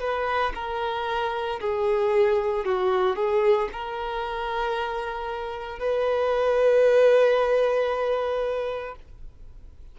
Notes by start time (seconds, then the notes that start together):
0.00 B4
0.55 A#4
1.61 G#4
2.66 F#4
3.16 G#4
3.73 A#4
5.79 B4